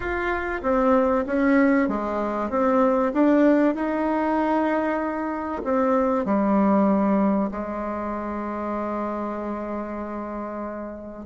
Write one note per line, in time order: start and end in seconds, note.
0.00 0.61 F4
0.62 1.25 C4
1.26 1.88 C#4
1.88 2.49 G#3
2.49 3.12 C4
3.13 3.74 D4
3.74 5.62 D#4
5.64 6.25 C4
6.25 7.50 G3
7.51 11.26 G#3